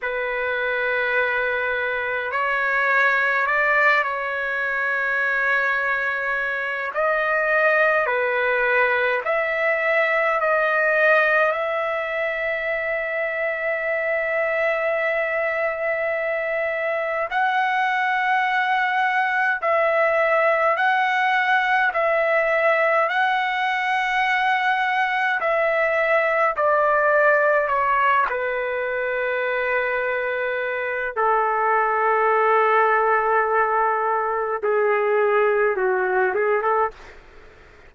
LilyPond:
\new Staff \with { instrumentName = "trumpet" } { \time 4/4 \tempo 4 = 52 b'2 cis''4 d''8 cis''8~ | cis''2 dis''4 b'4 | e''4 dis''4 e''2~ | e''2. fis''4~ |
fis''4 e''4 fis''4 e''4 | fis''2 e''4 d''4 | cis''8 b'2~ b'8 a'4~ | a'2 gis'4 fis'8 gis'16 a'16 | }